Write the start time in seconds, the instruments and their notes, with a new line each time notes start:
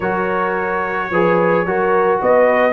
0.00 tuba F#3, trombone F#4, horn A#4, trumpet C#5
1.10 tuba F3, trombone G#4, horn B4
1.65 tuba F#3, trombone F#4, horn A#4
2.21 tuba B3, horn B4, trumpet D#5